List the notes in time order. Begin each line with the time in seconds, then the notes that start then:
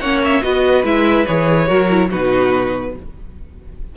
0.00 A#3 C#4 C#5 F#5
0.24 E5
0.42 B3 F#4 B4 D#5
0.84 G#3 E4 E5
1.26 E3 G#4 C#5
1.67 F#3 F#4 A#4
1.90 E4
2.10 B2 D#4 F#4 B4